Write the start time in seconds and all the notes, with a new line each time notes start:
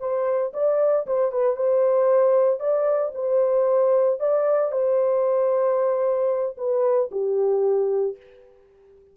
0.00 C5
0.54 D5
1.07 C5
1.32 B4
1.56 C5
2.60 D5
3.15 C5
4.20 D5
4.72 C5
6.58 B4
7.11 G4